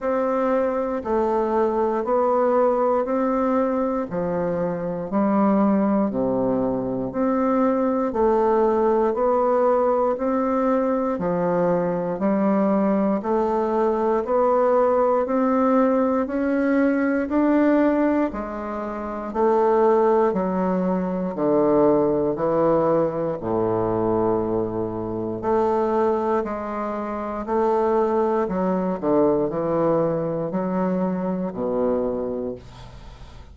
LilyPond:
\new Staff \with { instrumentName = "bassoon" } { \time 4/4 \tempo 4 = 59 c'4 a4 b4 c'4 | f4 g4 c4 c'4 | a4 b4 c'4 f4 | g4 a4 b4 c'4 |
cis'4 d'4 gis4 a4 | fis4 d4 e4 a,4~ | a,4 a4 gis4 a4 | fis8 d8 e4 fis4 b,4 | }